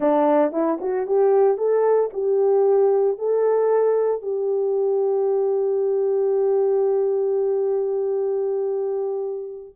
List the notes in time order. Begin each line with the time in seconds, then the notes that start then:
0.00 D4
0.52 E4
0.80 F#4
1.06 G4
1.57 A4
2.13 G4
3.17 A4
4.22 G4